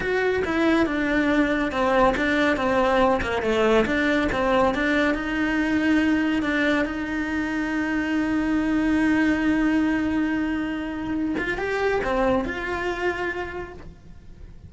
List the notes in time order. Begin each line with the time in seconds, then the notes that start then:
0.00 F#4
0.44 E4
0.86 D4
1.71 C4
2.16 D4
2.56 C4
3.21 A#3
3.42 A3
3.85 D4
4.31 C4
4.74 D4
5.14 D#4
6.42 D4
6.85 D#4
11.38 F4
11.57 G4
12.04 C4
12.44 F4